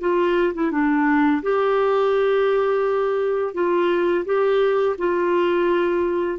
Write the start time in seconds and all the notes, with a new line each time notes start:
0.00 F4
0.54 E4
0.71 D4
1.42 G4
3.54 F4
4.25 G4
4.98 F4